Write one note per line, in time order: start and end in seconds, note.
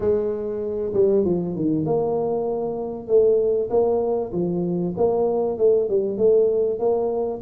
0.00 0.93 G#3
0.93 1.24 G3
1.25 1.55 F3
1.55 1.85 D#3
1.85 3.07 A#3
3.07 3.69 A3
3.70 4.32 A#3
4.32 4.94 F3
4.97 5.58 A#3
5.58 5.89 A3
5.89 6.17 G3
6.17 6.79 A3
6.79 7.41 A#3